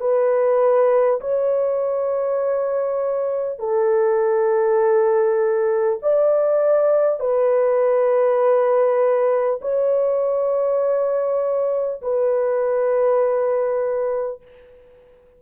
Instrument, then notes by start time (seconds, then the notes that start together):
horn
0.00 B4
1.20 C#5
3.58 A4
6.02 D5
7.19 B4
9.61 C#5
12.01 B4